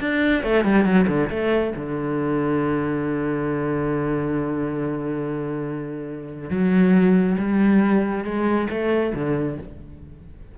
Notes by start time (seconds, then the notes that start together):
0.00 D4
0.43 A3
0.64 G3
0.84 F#3
1.08 D3
1.30 A3
1.76 D3
6.50 F#3
7.38 G3
8.24 G#3
8.70 A3
9.14 D3